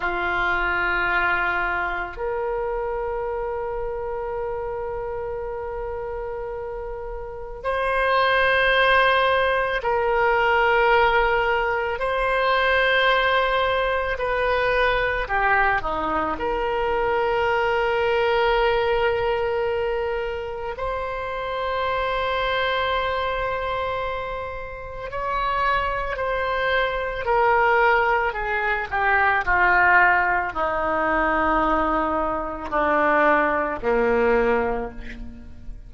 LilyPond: \new Staff \with { instrumentName = "oboe" } { \time 4/4 \tempo 4 = 55 f'2 ais'2~ | ais'2. c''4~ | c''4 ais'2 c''4~ | c''4 b'4 g'8 dis'8 ais'4~ |
ais'2. c''4~ | c''2. cis''4 | c''4 ais'4 gis'8 g'8 f'4 | dis'2 d'4 ais4 | }